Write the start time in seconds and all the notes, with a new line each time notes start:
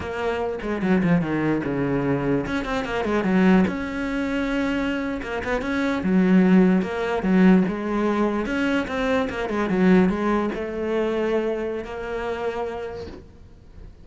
0.00 A#3
0.62 G#3
0.82 F#3
1.03 F3
1.21 D#3
1.64 C#3
2.46 C#4
2.64 C4
2.84 A#3
3.04 G#3
3.24 F#3
3.67 C#4
5.22 A#3
5.44 B3
5.61 C#4
6.03 F#3
6.82 A#3
7.22 F#3
7.68 G#3
8.45 C#4
8.87 C4
9.29 A#3
9.49 G#3
9.69 F#3
10.09 G#3
10.54 A3
11.84 A#3